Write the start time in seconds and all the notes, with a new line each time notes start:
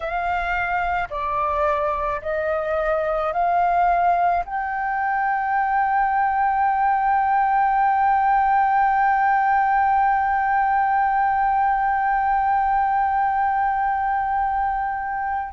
0.00 F5
1.10 D5
2.21 D#5
3.32 F5
4.45 G5